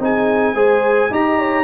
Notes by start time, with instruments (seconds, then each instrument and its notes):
0.00 tuba C4, trombone D#4, horn G#4, trumpet G#5
0.54 tuba G#3, trombone G#4, horn C5
1.10 tuba D#4, trombone G4, horn D#5, trumpet A#5
1.39 horn C#5